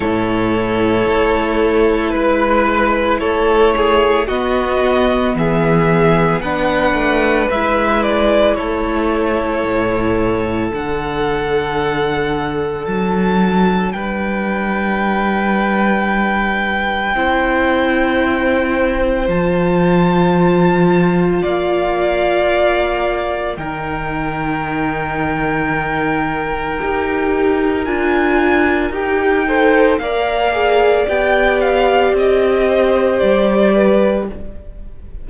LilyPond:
<<
  \new Staff \with { instrumentName = "violin" } { \time 4/4 \tempo 4 = 56 cis''2 b'4 cis''4 | dis''4 e''4 fis''4 e''8 d''8 | cis''2 fis''2 | a''4 g''2.~ |
g''2 a''2 | f''2 g''2~ | g''2 gis''4 g''4 | f''4 g''8 f''8 dis''4 d''4 | }
  \new Staff \with { instrumentName = "violin" } { \time 4/4 a'2 b'4 a'8 gis'8 | fis'4 gis'4 b'2 | a'1~ | a'4 b'2. |
c''1 | d''2 ais'2~ | ais'2.~ ais'8 c''8 | d''2~ d''8 c''4 b'8 | }
  \new Staff \with { instrumentName = "viola" } { \time 4/4 e'1 | b2 d'4 e'4~ | e'2 d'2~ | d'1 |
e'2 f'2~ | f'2 dis'2~ | dis'4 g'4 f'4 g'8 a'8 | ais'8 gis'8 g'2. | }
  \new Staff \with { instrumentName = "cello" } { \time 4/4 a,4 a4 gis4 a4 | b4 e4 b8 a8 gis4 | a4 a,4 d2 | fis4 g2. |
c'2 f2 | ais2 dis2~ | dis4 dis'4 d'4 dis'4 | ais4 b4 c'4 g4 | }
>>